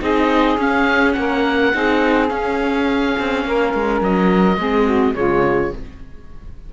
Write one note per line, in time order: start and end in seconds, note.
0.00 0.58 C4
0.00 0.57 D#4
0.00 1.15 G#4
0.00 0.60 D#5
0.58 1.15 C#4
0.58 1.73 C#4
0.58 1.13 F5
1.13 1.74 A#3
1.13 1.73 A#4
1.13 2.27 F#5
1.73 2.30 C4
1.73 2.28 D#4
1.73 3.45 G#4
2.28 4.57 C#4
2.28 3.16 C#4
2.28 4.00 F5
3.18 3.45 C4
3.45 3.73 A#3
3.45 4.58 A#4
3.74 4.01 G#3
4.01 4.57 F#3
4.01 5.15 D#5
4.57 5.14 G#3
4.57 5.15 C4
4.57 4.85 G#4
4.85 5.14 F#4
5.15 5.72 C#3
5.15 5.72 G#3
5.15 5.73 F4
5.15 5.72 C#5